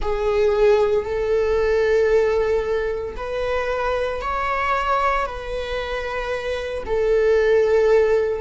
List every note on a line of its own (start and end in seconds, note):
0.01 1.05 G#4
1.05 3.15 A4
3.16 4.21 B4
4.21 5.25 C#5
5.25 6.83 B4
6.86 8.41 A4